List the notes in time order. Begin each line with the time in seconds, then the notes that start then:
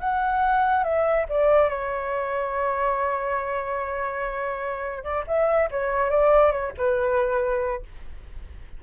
0.00 F#5
0.84 E5
1.29 D5
1.69 C#5
5.03 D5
5.27 E5
5.71 C#5
6.10 D5
6.51 C#5
6.78 B4